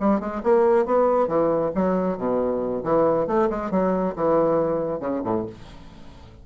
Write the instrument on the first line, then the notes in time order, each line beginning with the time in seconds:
bassoon
0.00 G3
0.20 G#3
0.43 A#3
0.86 B3
1.27 E3
1.75 F#3
2.17 B2
2.84 E3
3.27 A3
3.50 G#3
3.71 F#3
4.16 E3
5.00 C#3
5.24 A2